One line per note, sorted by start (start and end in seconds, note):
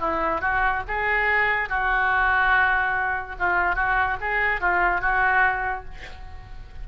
0.00 0.41 E4
0.41 0.83 F#4
0.88 1.69 G#4
1.69 3.36 F#4
3.39 3.76 F4
3.76 4.17 F#4
4.21 4.61 G#4
4.61 5.02 F4
5.02 5.85 F#4